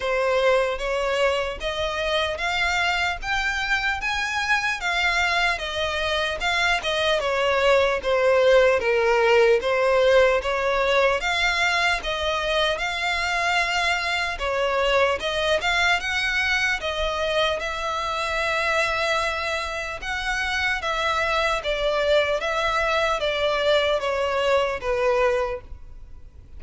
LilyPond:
\new Staff \with { instrumentName = "violin" } { \time 4/4 \tempo 4 = 75 c''4 cis''4 dis''4 f''4 | g''4 gis''4 f''4 dis''4 | f''8 dis''8 cis''4 c''4 ais'4 | c''4 cis''4 f''4 dis''4 |
f''2 cis''4 dis''8 f''8 | fis''4 dis''4 e''2~ | e''4 fis''4 e''4 d''4 | e''4 d''4 cis''4 b'4 | }